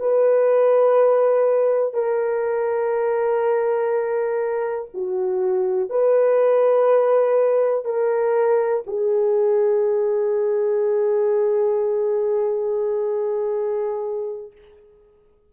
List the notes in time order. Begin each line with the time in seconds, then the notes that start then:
0.00 B4
1.94 A#4
4.94 F#4
5.90 B4
7.85 A#4
8.87 G#4